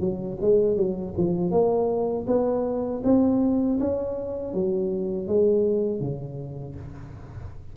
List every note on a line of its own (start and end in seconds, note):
0.00 0.38 F#3
0.41 0.76 G#3
0.76 1.14 F#3
1.17 1.51 F3
1.51 2.26 A#3
2.27 3.02 B3
3.04 3.79 C4
3.80 4.54 C#4
4.54 5.27 F#3
5.27 6.00 G#3
6.00 6.75 C#3